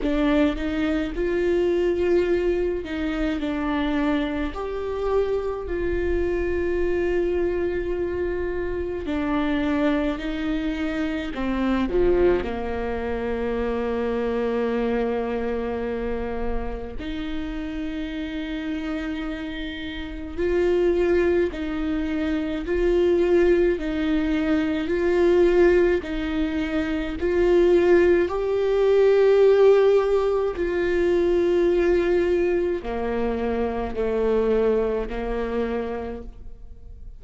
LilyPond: \new Staff \with { instrumentName = "viola" } { \time 4/4 \tempo 4 = 53 d'8 dis'8 f'4. dis'8 d'4 | g'4 f'2. | d'4 dis'4 c'8 f8 ais4~ | ais2. dis'4~ |
dis'2 f'4 dis'4 | f'4 dis'4 f'4 dis'4 | f'4 g'2 f'4~ | f'4 ais4 a4 ais4 | }